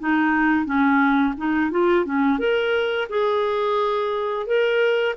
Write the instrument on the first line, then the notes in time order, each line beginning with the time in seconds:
clarinet
0.00 D#4
0.66 C#4
1.37 D#4
1.71 F4
2.05 C#4
2.39 A#4
3.09 G#4
4.47 A#4